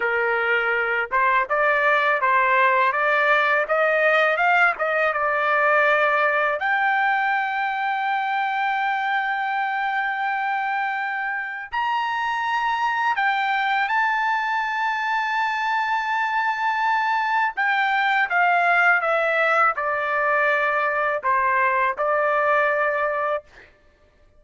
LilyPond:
\new Staff \with { instrumentName = "trumpet" } { \time 4/4 \tempo 4 = 82 ais'4. c''8 d''4 c''4 | d''4 dis''4 f''8 dis''8 d''4~ | d''4 g''2.~ | g''1 |
ais''2 g''4 a''4~ | a''1 | g''4 f''4 e''4 d''4~ | d''4 c''4 d''2 | }